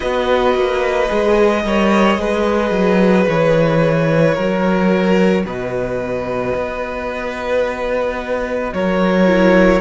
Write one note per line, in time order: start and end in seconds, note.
0.00 0.55 B3
0.00 1.07 F#4
0.00 1.63 B4
0.00 3.26 D#5
0.55 1.09 A#3
1.08 1.64 G#3
1.08 1.62 G#4
1.64 2.17 G3
1.64 2.18 A#4
1.64 2.20 C#5
2.17 2.70 G#3
2.17 4.36 G#4
2.17 4.34 B4
2.70 3.25 F#3
3.28 4.37 E3
3.28 5.46 C#5
4.34 5.45 F#3
4.34 9.26 F#4
4.34 5.43 A#4
5.45 6.54 B2
5.45 8.73 B4
5.45 8.73 D#5
6.54 8.72 B3
8.73 9.81 F#3
8.73 9.81 A#4
8.73 9.81 C#5
9.26 9.81 E4